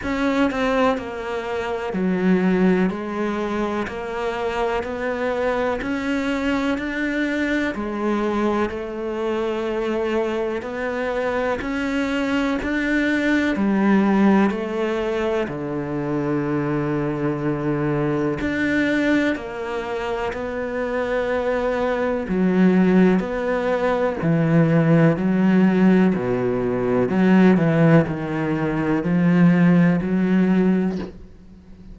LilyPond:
\new Staff \with { instrumentName = "cello" } { \time 4/4 \tempo 4 = 62 cis'8 c'8 ais4 fis4 gis4 | ais4 b4 cis'4 d'4 | gis4 a2 b4 | cis'4 d'4 g4 a4 |
d2. d'4 | ais4 b2 fis4 | b4 e4 fis4 b,4 | fis8 e8 dis4 f4 fis4 | }